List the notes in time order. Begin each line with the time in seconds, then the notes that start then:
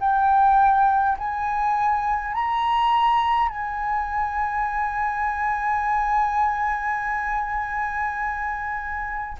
0.00 G5
1.18 G#5
2.34 A#5
3.49 G#5